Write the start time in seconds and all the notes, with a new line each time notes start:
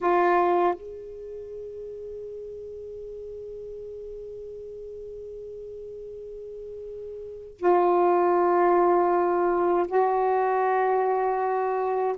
0.00 F4
0.74 G#4
7.58 F4
9.87 F#4